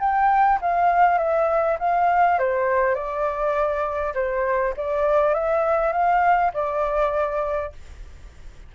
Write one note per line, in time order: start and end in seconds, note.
0.00 0.59 G5
0.62 1.18 F5
1.18 1.78 E5
1.80 2.39 F5
2.39 2.95 C5
2.95 4.14 D5
4.15 4.74 C5
4.77 5.34 D5
5.34 5.93 E5
5.93 6.52 F5
6.54 7.73 D5